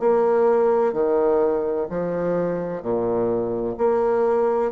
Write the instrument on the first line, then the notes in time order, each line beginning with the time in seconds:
bassoon
0.00 A#3
0.93 D#3
1.90 F3
2.83 A#2
3.78 A#3